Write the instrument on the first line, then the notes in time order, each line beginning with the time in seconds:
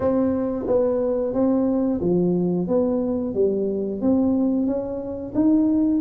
tuba
0.00 C4
0.67 B3
1.33 C4
2.00 F3
2.67 B3
3.34 G3
4.01 C4
4.66 C#4
5.34 D#4